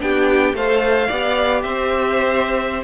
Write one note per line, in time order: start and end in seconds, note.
0.00 0.53 B3
0.00 0.54 D4
0.00 0.56 G4
0.00 0.55 G5
0.53 1.07 A3
0.53 1.09 A4
0.53 1.07 C5
0.53 1.62 F5
1.07 1.64 B3
1.07 2.84 G4
1.07 1.61 D5
1.62 2.84 C4
1.62 2.84 C5
1.62 2.83 E5